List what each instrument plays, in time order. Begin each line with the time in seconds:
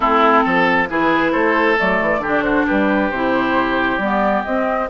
0.00 bassoon A3, clarinet C4, oboe E4, flute A4
0.44 bassoon F3, oboe A4
0.89 bassoon E3, clarinet E4, oboe G#4, flute B4
1.31 bassoon A3, oboe A4, flute C5
1.77 bassoon F#3, clarinet A3, flute D5
2.01 bassoon E3
2.18 bassoon D3, clarinet D4, oboe G4
2.42 oboe F#4, flute C5
2.66 bassoon G3, oboe G4, flute B4
3.10 bassoon C3, clarinet E4, flute C5
3.97 bassoon G3, clarinet B3, flute D5
4.44 clarinet C4, bassoon C4, flute D#5